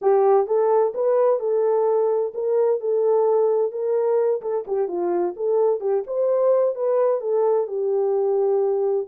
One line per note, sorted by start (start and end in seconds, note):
0.01 0.46 G4
0.46 0.93 A4
0.94 1.39 B4
1.39 2.32 A4
2.34 2.80 A#4
2.80 3.71 A4
3.71 4.41 A#4
4.41 4.65 A4
4.67 4.88 G4
4.88 5.34 F4
5.36 5.80 A4
5.80 6.03 G4
6.07 6.75 C5
6.75 7.20 B4
7.20 7.67 A4
7.67 9.07 G4